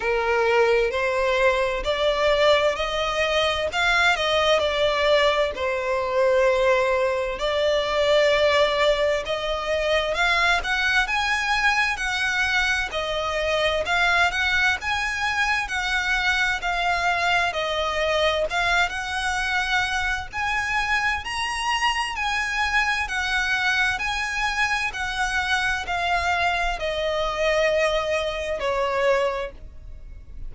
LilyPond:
\new Staff \with { instrumentName = "violin" } { \time 4/4 \tempo 4 = 65 ais'4 c''4 d''4 dis''4 | f''8 dis''8 d''4 c''2 | d''2 dis''4 f''8 fis''8 | gis''4 fis''4 dis''4 f''8 fis''8 |
gis''4 fis''4 f''4 dis''4 | f''8 fis''4. gis''4 ais''4 | gis''4 fis''4 gis''4 fis''4 | f''4 dis''2 cis''4 | }